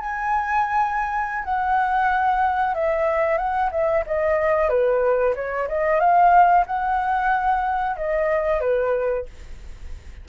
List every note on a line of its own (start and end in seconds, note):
0.00 1.45 G#5
1.45 2.75 F#5
2.75 3.38 E5
3.38 3.71 F#5
3.72 4.05 E5
4.07 4.70 D#5
4.70 5.35 B4
5.36 5.68 C#5
5.69 6.00 D#5
6.00 6.66 F5
6.67 7.97 F#5
7.97 8.61 D#5
8.61 9.26 B4